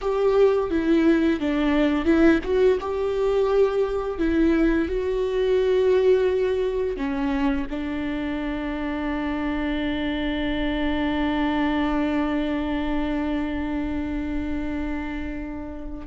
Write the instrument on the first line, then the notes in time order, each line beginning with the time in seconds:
viola
0.01 G4
0.70 E4
1.40 D4
2.05 E4
2.43 F#4
2.80 G4
4.18 E4
4.88 F#4
6.96 C#4
7.69 D4